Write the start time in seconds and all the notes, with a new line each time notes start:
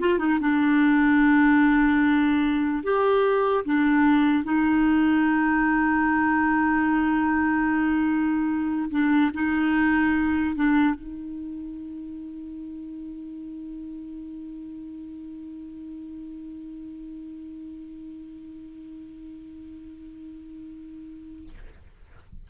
0.00 F4
0.19 D#4
0.41 D4
2.83 G4
3.65 D4
4.44 D#4
8.91 D4
9.34 D#4
10.56 D4
10.95 D#4